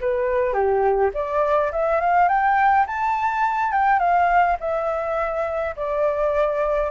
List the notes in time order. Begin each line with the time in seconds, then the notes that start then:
0.00 B4
0.53 G4
1.14 D5
1.72 E5
2.00 F5
2.28 G5
2.87 A5
3.72 G5
3.99 F5
4.60 E5
5.76 D5